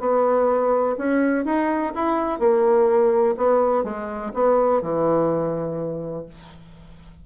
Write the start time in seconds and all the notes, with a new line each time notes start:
0.00 B3
0.98 C#4
1.45 D#4
1.95 E4
2.40 A#3
3.37 B3
3.84 G#3
4.34 B3
4.82 E3